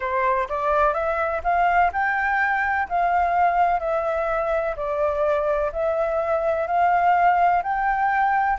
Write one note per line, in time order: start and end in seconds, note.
0.00 0.48 C5
0.48 0.93 D5
0.93 1.41 E5
1.43 1.91 F5
1.93 2.88 G5
2.88 3.79 F5
3.79 4.74 E5
4.76 5.71 D5
5.72 6.67 E5
6.67 7.62 F5
7.62 8.58 G5